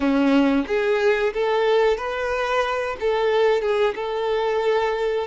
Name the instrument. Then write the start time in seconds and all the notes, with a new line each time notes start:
violin
0.00 C#4
0.67 G#4
1.33 A4
1.97 B4
2.99 A4
3.61 G#4
3.95 A4